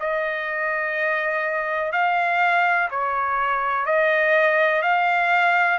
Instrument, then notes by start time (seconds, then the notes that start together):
trumpet
0.00 D#5
1.93 F5
2.91 C#5
3.86 D#5
4.82 F5